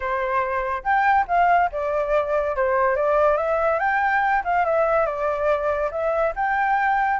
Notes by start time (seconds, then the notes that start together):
0.00 C5
0.83 G5
1.27 F5
1.72 D5
2.56 C5
2.96 D5
3.37 E5
3.79 G5
4.44 F5
4.65 E5
5.06 D5
5.91 E5
6.35 G5